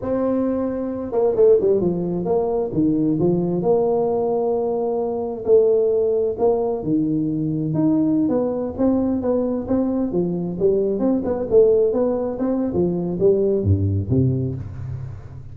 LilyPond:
\new Staff \with { instrumentName = "tuba" } { \time 4/4 \tempo 4 = 132 c'2~ c'8 ais8 a8 g8 | f4 ais4 dis4 f4 | ais1 | a2 ais4 dis4~ |
dis4 dis'4~ dis'16 b4 c'8.~ | c'16 b4 c'4 f4 g8.~ | g16 c'8 b8 a4 b4 c'8. | f4 g4 g,4 c4 | }